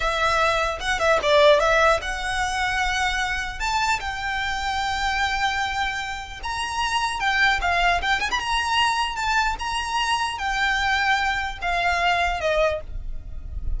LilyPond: \new Staff \with { instrumentName = "violin" } { \time 4/4 \tempo 4 = 150 e''2 fis''8 e''8 d''4 | e''4 fis''2.~ | fis''4 a''4 g''2~ | g''1 |
ais''2 g''4 f''4 | g''8 gis''16 b''16 ais''2 a''4 | ais''2 g''2~ | g''4 f''2 dis''4 | }